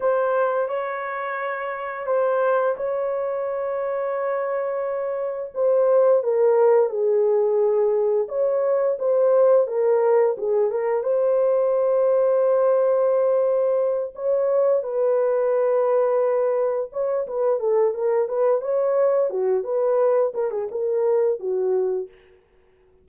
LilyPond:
\new Staff \with { instrumentName = "horn" } { \time 4/4 \tempo 4 = 87 c''4 cis''2 c''4 | cis''1 | c''4 ais'4 gis'2 | cis''4 c''4 ais'4 gis'8 ais'8 |
c''1~ | c''8 cis''4 b'2~ b'8~ | b'8 cis''8 b'8 a'8 ais'8 b'8 cis''4 | fis'8 b'4 ais'16 gis'16 ais'4 fis'4 | }